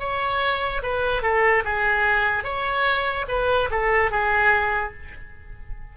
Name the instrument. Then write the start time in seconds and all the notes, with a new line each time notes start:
oboe
0.00 C#5
0.83 B4
1.23 A4
1.65 G#4
2.44 C#5
3.29 B4
3.71 A4
4.11 G#4